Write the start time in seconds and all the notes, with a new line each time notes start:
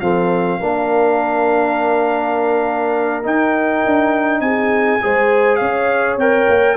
0.00 F3 C4 A4 F5
0.59 A#3 D4 A#4
3.23 D#4 G5
3.85 D4
4.40 C4 G#4 G#5
5.02 G#3 G#4 C5
5.56 C#4 C#5 F5
6.17 C4 A#4 G5
6.48 A#3